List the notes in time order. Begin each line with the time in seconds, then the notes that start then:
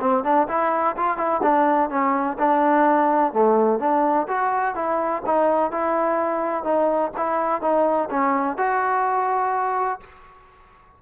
0.00 C4
0.24 D4
0.48 E4
0.97 F4
1.17 E4
1.43 D4
1.90 C#4
2.39 D4
3.33 A3
3.79 D4
4.28 F#4
4.75 E4
5.26 D#4
5.71 E4
6.64 D#4
7.17 E4
7.61 D#4
8.10 C#4
8.57 F#4